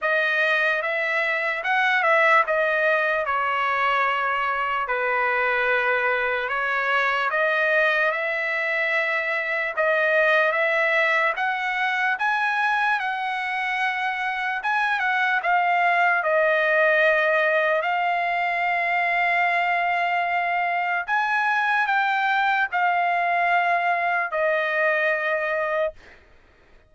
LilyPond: \new Staff \with { instrumentName = "trumpet" } { \time 4/4 \tempo 4 = 74 dis''4 e''4 fis''8 e''8 dis''4 | cis''2 b'2 | cis''4 dis''4 e''2 | dis''4 e''4 fis''4 gis''4 |
fis''2 gis''8 fis''8 f''4 | dis''2 f''2~ | f''2 gis''4 g''4 | f''2 dis''2 | }